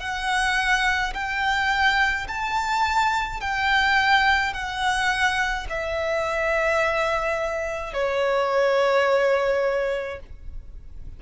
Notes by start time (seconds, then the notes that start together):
0.00 F#5
1.14 G5
2.27 A5
3.41 G5
4.53 F#5
5.69 E5
7.93 C#5